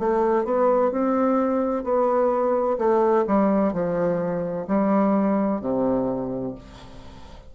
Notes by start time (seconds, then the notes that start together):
0.00 A3
0.45 B3
0.92 C4
1.84 B3
2.78 A3
3.27 G3
3.73 F3
4.68 G3
5.61 C3